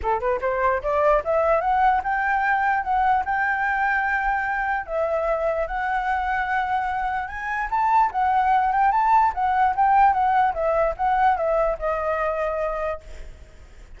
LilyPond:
\new Staff \with { instrumentName = "flute" } { \time 4/4 \tempo 4 = 148 a'8 b'8 c''4 d''4 e''4 | fis''4 g''2 fis''4 | g''1 | e''2 fis''2~ |
fis''2 gis''4 a''4 | fis''4. g''8 a''4 fis''4 | g''4 fis''4 e''4 fis''4 | e''4 dis''2. | }